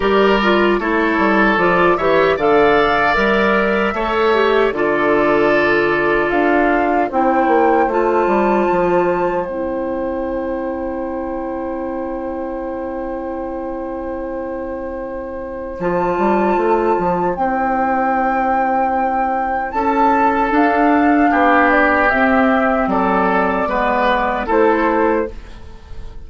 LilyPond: <<
  \new Staff \with { instrumentName = "flute" } { \time 4/4 \tempo 4 = 76 d''4 cis''4 d''8 e''8 f''4 | e''2 d''2 | f''4 g''4 a''2 | g''1~ |
g''1 | a''2 g''2~ | g''4 a''4 f''4. d''8 | e''4 d''2 c''4 | }
  \new Staff \with { instrumentName = "oboe" } { \time 4/4 ais'4 a'4. cis''8 d''4~ | d''4 cis''4 a'2~ | a'4 c''2.~ | c''1~ |
c''1~ | c''1~ | c''4 a'2 g'4~ | g'4 a'4 b'4 a'4 | }
  \new Staff \with { instrumentName = "clarinet" } { \time 4/4 g'8 f'8 e'4 f'8 g'8 a'4 | ais'4 a'8 g'8 f'2~ | f'4 e'4 f'2 | e'1~ |
e'1 | f'2 e'2~ | e'2 d'2 | c'2 b4 e'4 | }
  \new Staff \with { instrumentName = "bassoon" } { \time 4/4 g4 a8 g8 f8 e8 d4 | g4 a4 d2 | d'4 c'8 ais8 a8 g8 f4 | c'1~ |
c'1 | f8 g8 a8 f8 c'2~ | c'4 cis'4 d'4 b4 | c'4 fis4 gis4 a4 | }
>>